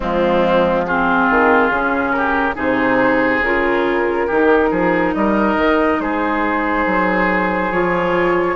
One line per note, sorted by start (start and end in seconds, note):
0.00 1.29 F3
0.00 0.86 G#3
0.00 0.85 C4
0.00 0.86 F4
0.86 1.72 C4
0.86 2.15 F4
0.86 2.11 G#4
1.29 1.69 D#3
1.69 2.55 C#3
1.69 2.54 C#4
2.11 2.55 G4
2.11 2.54 A#4
2.54 3.41 C3
2.54 3.40 D#4
2.54 4.26 G#4
2.54 3.43 C5
3.41 4.26 C#3
3.41 4.30 F4
3.41 5.14 A#4
4.26 4.71 D#3
4.26 7.72 D#4
4.26 4.69 G4
4.70 5.14 F3
4.70 5.13 G#4
5.14 5.56 G3
5.14 6.02 A#4
5.14 6.00 D#5
5.56 5.99 D#3
5.99 6.85 G#3
5.99 8.56 G#4
5.99 7.71 C5
6.86 7.71 F#3
7.71 8.56 F3
7.71 8.56 F4
7.71 8.56 C#5